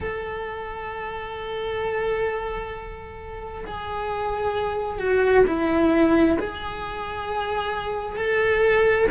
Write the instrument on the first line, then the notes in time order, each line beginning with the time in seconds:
cello
0.00 A4
3.66 G#4
4.98 F#4
5.46 E4
6.39 G#4
8.16 A4